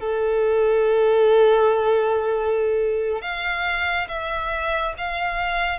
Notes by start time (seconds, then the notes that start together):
0.00 A4
3.21 F5
4.08 E5
4.98 F5